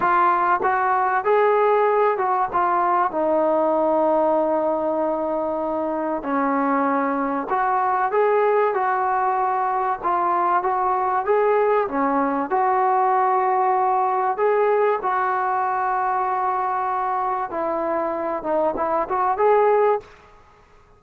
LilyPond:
\new Staff \with { instrumentName = "trombone" } { \time 4/4 \tempo 4 = 96 f'4 fis'4 gis'4. fis'8 | f'4 dis'2.~ | dis'2 cis'2 | fis'4 gis'4 fis'2 |
f'4 fis'4 gis'4 cis'4 | fis'2. gis'4 | fis'1 | e'4. dis'8 e'8 fis'8 gis'4 | }